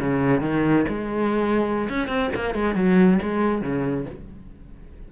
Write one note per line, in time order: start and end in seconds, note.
0.00 0.41 C#3
0.41 0.85 D#3
0.88 1.88 G#3
1.89 2.08 C#4
2.08 2.31 C4
2.35 2.55 A#3
2.55 2.75 G#3
2.75 3.19 F#3
3.22 3.62 G#3
3.62 4.06 C#3